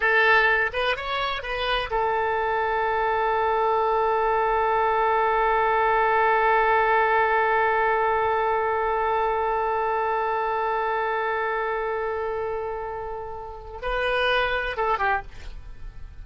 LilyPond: \new Staff \with { instrumentName = "oboe" } { \time 4/4 \tempo 4 = 126 a'4. b'8 cis''4 b'4 | a'1~ | a'1~ | a'1~ |
a'1~ | a'1~ | a'1~ | a'4 b'2 a'8 g'8 | }